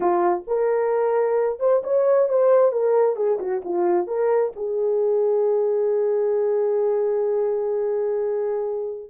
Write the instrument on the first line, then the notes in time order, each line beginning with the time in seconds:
horn
0.00 F4
0.47 A#4
1.59 C5
1.83 C#5
2.28 C5
2.71 A#4
3.15 G#4
3.39 F#4
3.64 F4
4.07 A#4
4.56 G#4